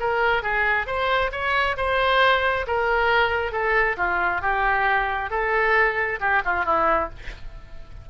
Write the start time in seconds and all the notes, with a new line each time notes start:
0.00 A#4
0.43 G#4
0.87 C5
1.32 C#5
1.77 C5
2.67 A#4
3.52 A4
3.97 F4
4.42 G4
5.31 A4
6.20 G4
6.45 F4
6.65 E4